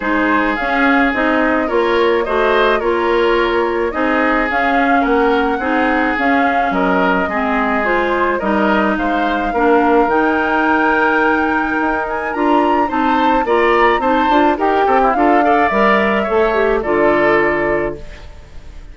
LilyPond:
<<
  \new Staff \with { instrumentName = "flute" } { \time 4/4 \tempo 4 = 107 c''4 f''4 dis''4 cis''4 | dis''4 cis''2 dis''4 | f''4 fis''2 f''4 | dis''2 c''4 dis''4 |
f''2 g''2~ | g''4. gis''8 ais''4 a''4 | ais''4 a''4 g''4 f''4 | e''2 d''2 | }
  \new Staff \with { instrumentName = "oboe" } { \time 4/4 gis'2. ais'4 | c''4 ais'2 gis'4~ | gis'4 ais'4 gis'2 | ais'4 gis'2 ais'4 |
c''4 ais'2.~ | ais'2. c''4 | d''4 c''4 ais'8 a'16 e'16 a'8 d''8~ | d''4 cis''4 a'2 | }
  \new Staff \with { instrumentName = "clarinet" } { \time 4/4 dis'4 cis'4 dis'4 f'4 | fis'4 f'2 dis'4 | cis'2 dis'4 cis'4~ | cis'4 c'4 f'4 dis'4~ |
dis'4 d'4 dis'2~ | dis'2 f'4 dis'4 | f'4 dis'8 f'8 g'4 f'8 a'8 | ais'4 a'8 g'8 f'2 | }
  \new Staff \with { instrumentName = "bassoon" } { \time 4/4 gis4 cis'4 c'4 ais4 | a4 ais2 c'4 | cis'4 ais4 c'4 cis'4 | fis4 gis2 g4 |
gis4 ais4 dis2~ | dis4 dis'4 d'4 c'4 | ais4 c'8 d'8 dis'8 c'8 d'4 | g4 a4 d2 | }
>>